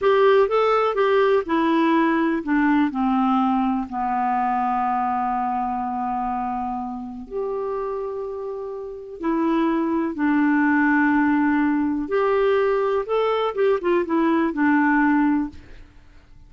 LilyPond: \new Staff \with { instrumentName = "clarinet" } { \time 4/4 \tempo 4 = 124 g'4 a'4 g'4 e'4~ | e'4 d'4 c'2 | b1~ | b2. g'4~ |
g'2. e'4~ | e'4 d'2.~ | d'4 g'2 a'4 | g'8 f'8 e'4 d'2 | }